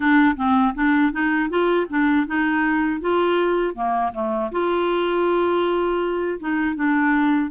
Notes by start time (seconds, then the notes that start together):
0.00 D4
0.36 C4
0.75 D4
1.12 D#4
1.49 F4
1.90 D4
2.26 D#4
3.00 F4
3.75 A#3
4.13 A3
4.51 F4
6.39 D#4
6.75 D4